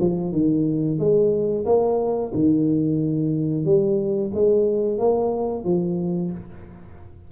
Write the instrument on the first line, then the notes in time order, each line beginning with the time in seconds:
tuba
0.00 F3
0.32 D#3
0.99 G#3
1.66 A#3
2.34 D#3
3.65 G3
4.35 G#3
4.99 A#3
5.65 F3